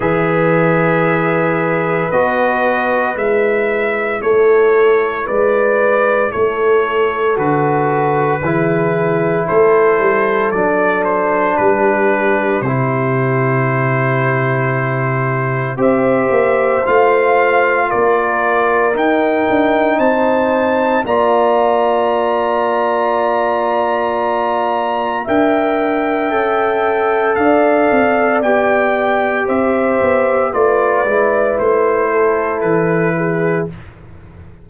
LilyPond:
<<
  \new Staff \with { instrumentName = "trumpet" } { \time 4/4 \tempo 4 = 57 e''2 dis''4 e''4 | cis''4 d''4 cis''4 b'4~ | b'4 c''4 d''8 c''8 b'4 | c''2. e''4 |
f''4 d''4 g''4 a''4 | ais''1 | g''2 f''4 g''4 | e''4 d''4 c''4 b'4 | }
  \new Staff \with { instrumentName = "horn" } { \time 4/4 b'1 | a'4 b'4 a'2 | gis'4 a'2 g'4~ | g'2. c''4~ |
c''4 ais'2 c''4 | d''1 | e''2 d''2 | c''4 b'4. a'4 gis'8 | }
  \new Staff \with { instrumentName = "trombone" } { \time 4/4 gis'2 fis'4 e'4~ | e'2. fis'4 | e'2 d'2 | e'2. g'4 |
f'2 dis'2 | f'1 | ais'4 a'2 g'4~ | g'4 f'8 e'2~ e'8 | }
  \new Staff \with { instrumentName = "tuba" } { \time 4/4 e2 b4 gis4 | a4 gis4 a4 d4 | e4 a8 g8 fis4 g4 | c2. c'8 ais8 |
a4 ais4 dis'8 d'8 c'4 | ais1 | d'4 cis'4 d'8 c'8 b4 | c'8 b8 a8 gis8 a4 e4 | }
>>